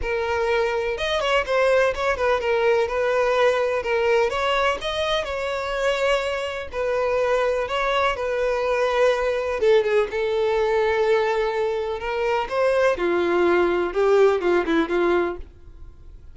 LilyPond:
\new Staff \with { instrumentName = "violin" } { \time 4/4 \tempo 4 = 125 ais'2 dis''8 cis''8 c''4 | cis''8 b'8 ais'4 b'2 | ais'4 cis''4 dis''4 cis''4~ | cis''2 b'2 |
cis''4 b'2. | a'8 gis'8 a'2.~ | a'4 ais'4 c''4 f'4~ | f'4 g'4 f'8 e'8 f'4 | }